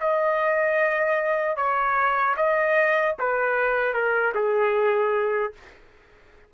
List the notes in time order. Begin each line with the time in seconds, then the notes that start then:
0.00 D#5
1.56 C#5
2.36 D#5
3.19 B4
3.94 A#4
4.35 G#4